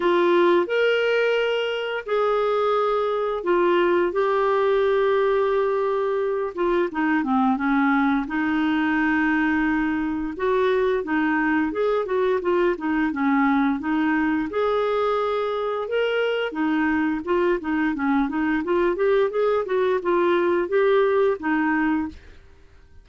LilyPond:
\new Staff \with { instrumentName = "clarinet" } { \time 4/4 \tempo 4 = 87 f'4 ais'2 gis'4~ | gis'4 f'4 g'2~ | g'4. f'8 dis'8 c'8 cis'4 | dis'2. fis'4 |
dis'4 gis'8 fis'8 f'8 dis'8 cis'4 | dis'4 gis'2 ais'4 | dis'4 f'8 dis'8 cis'8 dis'8 f'8 g'8 | gis'8 fis'8 f'4 g'4 dis'4 | }